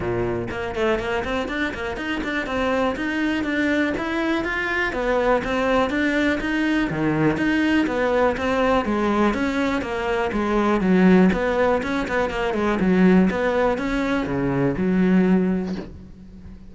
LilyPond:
\new Staff \with { instrumentName = "cello" } { \time 4/4 \tempo 4 = 122 ais,4 ais8 a8 ais8 c'8 d'8 ais8 | dis'8 d'8 c'4 dis'4 d'4 | e'4 f'4 b4 c'4 | d'4 dis'4 dis4 dis'4 |
b4 c'4 gis4 cis'4 | ais4 gis4 fis4 b4 | cis'8 b8 ais8 gis8 fis4 b4 | cis'4 cis4 fis2 | }